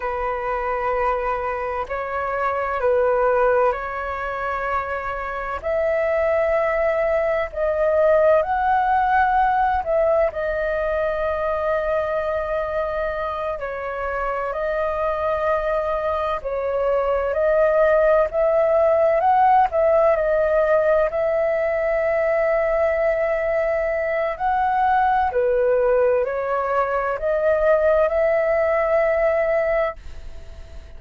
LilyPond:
\new Staff \with { instrumentName = "flute" } { \time 4/4 \tempo 4 = 64 b'2 cis''4 b'4 | cis''2 e''2 | dis''4 fis''4. e''8 dis''4~ | dis''2~ dis''8 cis''4 dis''8~ |
dis''4. cis''4 dis''4 e''8~ | e''8 fis''8 e''8 dis''4 e''4.~ | e''2 fis''4 b'4 | cis''4 dis''4 e''2 | }